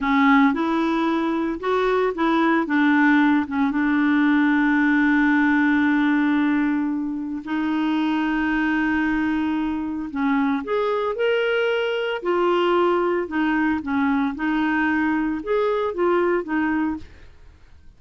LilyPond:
\new Staff \with { instrumentName = "clarinet" } { \time 4/4 \tempo 4 = 113 cis'4 e'2 fis'4 | e'4 d'4. cis'8 d'4~ | d'1~ | d'2 dis'2~ |
dis'2. cis'4 | gis'4 ais'2 f'4~ | f'4 dis'4 cis'4 dis'4~ | dis'4 gis'4 f'4 dis'4 | }